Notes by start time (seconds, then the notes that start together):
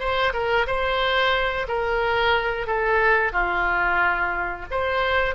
0.00 C5
0.34 A#4
0.67 C5
1.68 A#4
2.67 A4
3.33 F4
4.71 C5